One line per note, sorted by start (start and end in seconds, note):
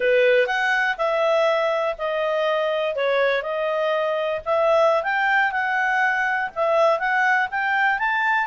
0.00 0.46 B4
0.46 0.96 F#5
0.97 1.95 E5
1.98 2.95 D#5
2.95 3.42 C#5
3.42 4.40 D#5
4.45 5.03 E5
5.03 5.51 G5
5.51 6.50 F#5
6.55 6.99 E5
6.99 7.48 F#5
7.50 7.98 G5
7.98 8.47 A5